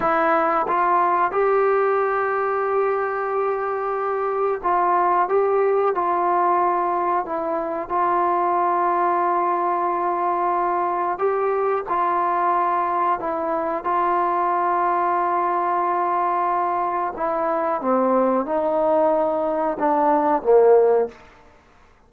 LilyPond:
\new Staff \with { instrumentName = "trombone" } { \time 4/4 \tempo 4 = 91 e'4 f'4 g'2~ | g'2. f'4 | g'4 f'2 e'4 | f'1~ |
f'4 g'4 f'2 | e'4 f'2.~ | f'2 e'4 c'4 | dis'2 d'4 ais4 | }